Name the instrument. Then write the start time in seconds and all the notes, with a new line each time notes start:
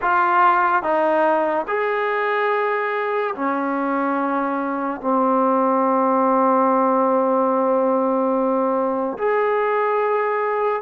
trombone
0.01 F4
0.82 D#4
1.67 G#4
3.35 C#4
5.00 C4
9.18 G#4